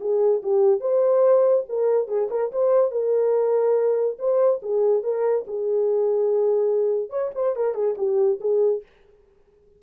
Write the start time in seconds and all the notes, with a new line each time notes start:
0.00 G#4
0.43 G4
0.80 C5
1.69 A#4
2.08 G#4
2.30 A#4
2.52 C5
2.91 A#4
4.19 C5
4.62 G#4
5.03 A#4
5.47 G#4
7.10 C#5
7.35 C5
7.56 A#4
7.74 G#4
7.98 G4
8.40 G#4